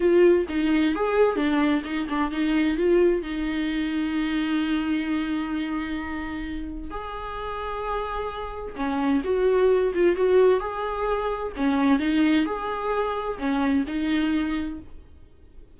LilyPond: \new Staff \with { instrumentName = "viola" } { \time 4/4 \tempo 4 = 130 f'4 dis'4 gis'4 d'4 | dis'8 d'8 dis'4 f'4 dis'4~ | dis'1~ | dis'2. gis'4~ |
gis'2. cis'4 | fis'4. f'8 fis'4 gis'4~ | gis'4 cis'4 dis'4 gis'4~ | gis'4 cis'4 dis'2 | }